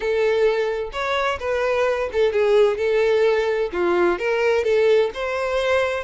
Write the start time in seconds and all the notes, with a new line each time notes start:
0.00 A4
0.92 C#5
1.39 B4
2.12 A4
2.32 G#4
2.77 A4
3.72 F4
4.18 A#4
4.63 A4
5.14 C5